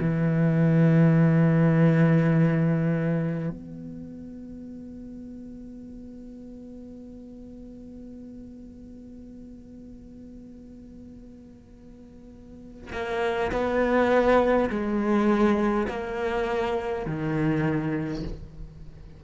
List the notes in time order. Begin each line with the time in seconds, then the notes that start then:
0.00 E3
3.50 B3
12.93 A#3
13.51 B3
14.70 G#3
15.88 A#3
17.06 D#3